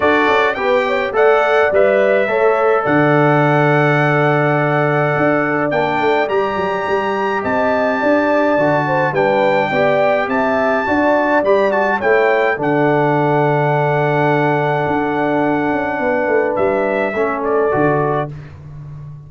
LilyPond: <<
  \new Staff \with { instrumentName = "trumpet" } { \time 4/4 \tempo 4 = 105 d''4 g''4 fis''4 e''4~ | e''4 fis''2.~ | fis''2 g''4 ais''4~ | ais''4 a''2. |
g''2 a''2 | b''8 a''8 g''4 fis''2~ | fis''1~ | fis''4 e''4. d''4. | }
  \new Staff \with { instrumentName = "horn" } { \time 4/4 a'4 b'8 cis''8 d''2 | cis''4 d''2.~ | d''1~ | d''4 dis''4 d''4. c''8 |
b'4 d''4 e''4 d''4~ | d''4 cis''4 a'2~ | a'1 | b'2 a'2 | }
  \new Staff \with { instrumentName = "trombone" } { \time 4/4 fis'4 g'4 a'4 b'4 | a'1~ | a'2 d'4 g'4~ | g'2. fis'4 |
d'4 g'2 fis'4 | g'8 fis'8 e'4 d'2~ | d'1~ | d'2 cis'4 fis'4 | }
  \new Staff \with { instrumentName = "tuba" } { \time 4/4 d'8 cis'8 b4 a4 g4 | a4 d2.~ | d4 d'4 ais8 a8 g8 fis8 | g4 c'4 d'4 d4 |
g4 b4 c'4 d'4 | g4 a4 d2~ | d2 d'4. cis'8 | b8 a8 g4 a4 d4 | }
>>